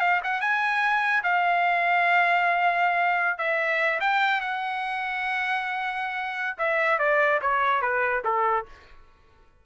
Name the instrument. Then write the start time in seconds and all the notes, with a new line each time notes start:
trumpet
0.00 F5
0.24 F#5
0.41 G#5
1.23 F5
3.38 E5
4.00 G5
4.41 F#5
6.58 E5
6.99 D5
7.41 C#5
7.82 B4
8.24 A4